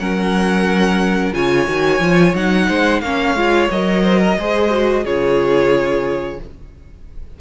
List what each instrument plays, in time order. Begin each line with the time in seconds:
0.00 cello F#3, viola C#4, violin A#4 F#5
1.33 cello C#3, viola F4, violin C#5 G#5
1.67 cello D#3, viola F#4
2.00 cello F3, viola F4
2.35 cello F#3, viola D#4, violin F#5
2.68 cello G#3, violin C5
3.01 cello A#3, viola C#4, violin C#5 F5
3.35 cello G#3, viola F4
3.71 cello F#3, viola A#4, violin D#5
4.03 violin C5
4.19 violin A#4
4.39 cello G#3, viola G#4, violin C5
4.71 viola F#4
5.04 cello C#3, viola F4, violin G#4 C#5